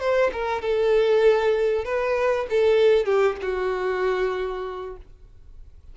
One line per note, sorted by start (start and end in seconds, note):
0.00 0.31 C5
0.33 0.62 A#4
0.62 1.85 A4
1.85 2.47 B4
2.50 3.06 A4
3.06 3.37 G4
3.42 4.97 F#4